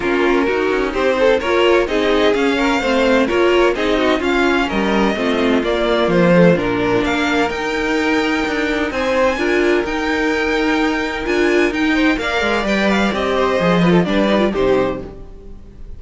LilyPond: <<
  \new Staff \with { instrumentName = "violin" } { \time 4/4 \tempo 4 = 128 ais'2 c''4 cis''4 | dis''4 f''2 cis''4 | dis''4 f''4 dis''2 | d''4 c''4 ais'4 f''4 |
g''2. gis''4~ | gis''4 g''2. | gis''4 g''4 f''4 g''8 f''8 | dis''2 d''4 c''4 | }
  \new Staff \with { instrumentName = "violin" } { \time 4/4 f'4 fis'4 g'8 a'8 ais'4 | gis'4. ais'8 c''4 ais'4 | gis'8 fis'8 f'4 ais'4 f'4~ | f'2. ais'4~ |
ais'2. c''4 | ais'1~ | ais'4. c''8 d''2~ | d''8 c''4 b'16 a'16 b'4 g'4 | }
  \new Staff \with { instrumentName = "viola" } { \time 4/4 cis'4 dis'2 f'4 | dis'4 cis'4 c'4 f'4 | dis'4 cis'2 c'4 | ais4. a8 d'2 |
dis'1 | f'4 dis'2. | f'4 dis'4 ais'4 b'4 | g'4 gis'8 f'8 d'8 dis'16 f'16 dis'4 | }
  \new Staff \with { instrumentName = "cello" } { \time 4/4 ais4 dis'8 cis'8 c'4 ais4 | c'4 cis'4 a4 ais4 | c'4 cis'4 g4 a4 | ais4 f4 ais,4 ais4 |
dis'2 d'4 c'4 | d'4 dis'2. | d'4 dis'4 ais8 gis8 g4 | c'4 f4 g4 c4 | }
>>